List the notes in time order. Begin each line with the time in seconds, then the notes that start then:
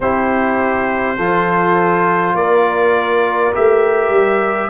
0.00 C4 E4 G4 C5
1.17 F3 F4 A4
2.34 A#3 A#4 D5
3.53 A3 G4 E5
4.09 G3